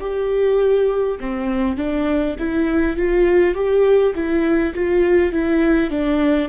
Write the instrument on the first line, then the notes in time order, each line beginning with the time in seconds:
viola
0.00 G4
1.20 C4
1.76 D4
2.39 E4
2.96 F4
3.55 G4
4.14 E4
4.74 F4
5.32 E4
5.90 D4